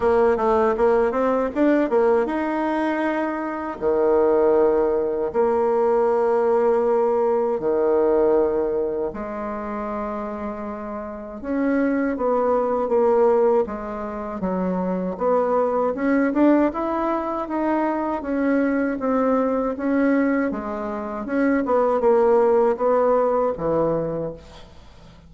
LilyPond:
\new Staff \with { instrumentName = "bassoon" } { \time 4/4 \tempo 4 = 79 ais8 a8 ais8 c'8 d'8 ais8 dis'4~ | dis'4 dis2 ais4~ | ais2 dis2 | gis2. cis'4 |
b4 ais4 gis4 fis4 | b4 cis'8 d'8 e'4 dis'4 | cis'4 c'4 cis'4 gis4 | cis'8 b8 ais4 b4 e4 | }